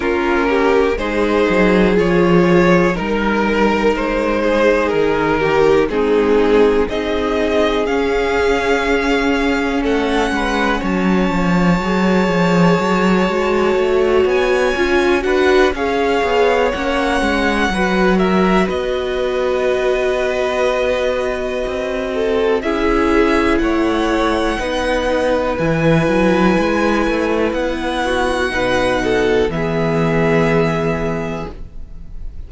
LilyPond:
<<
  \new Staff \with { instrumentName = "violin" } { \time 4/4 \tempo 4 = 61 ais'4 c''4 cis''4 ais'4 | c''4 ais'4 gis'4 dis''4 | f''2 fis''4 a''4~ | a''2~ a''8 gis''4 fis''8 |
f''4 fis''4. e''8 dis''4~ | dis''2. e''4 | fis''2 gis''2 | fis''2 e''2 | }
  \new Staff \with { instrumentName = "violin" } { \time 4/4 f'8 g'8 gis'2 ais'4~ | ais'8 gis'4 g'8 dis'4 gis'4~ | gis'2 a'8 b'8 cis''4~ | cis''2.~ cis''8 b'8 |
cis''2 b'8 ais'8 b'4~ | b'2~ b'8 a'8 gis'4 | cis''4 b'2.~ | b'8 fis'8 b'8 a'8 gis'2 | }
  \new Staff \with { instrumentName = "viola" } { \time 4/4 cis'4 dis'4 f'4 dis'4~ | dis'2 c'4 dis'4 | cis'1 | gis'4. fis'4. f'8 fis'8 |
gis'4 cis'4 fis'2~ | fis'2. e'4~ | e'4 dis'4 e'2~ | e'4 dis'4 b2 | }
  \new Staff \with { instrumentName = "cello" } { \time 4/4 ais4 gis8 fis8 f4 g4 | gis4 dis4 gis4 c'4 | cis'2 a8 gis8 fis8 f8 | fis8 f8 fis8 gis8 a8 b8 cis'8 d'8 |
cis'8 b8 ais8 gis8 fis4 b4~ | b2 c'4 cis'4 | a4 b4 e8 fis8 gis8 a8 | b4 b,4 e2 | }
>>